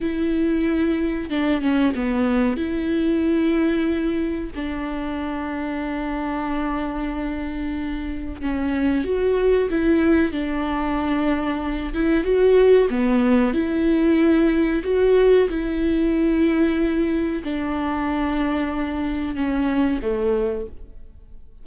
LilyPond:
\new Staff \with { instrumentName = "viola" } { \time 4/4 \tempo 4 = 93 e'2 d'8 cis'8 b4 | e'2. d'4~ | d'1~ | d'4 cis'4 fis'4 e'4 |
d'2~ d'8 e'8 fis'4 | b4 e'2 fis'4 | e'2. d'4~ | d'2 cis'4 a4 | }